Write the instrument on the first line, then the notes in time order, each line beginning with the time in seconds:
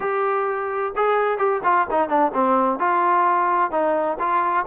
trombone
0.00 G4
0.96 G#4
1.38 G4
1.63 F4
1.90 D#4
2.08 D4
2.33 C4
2.79 F4
3.71 D#4
4.19 F4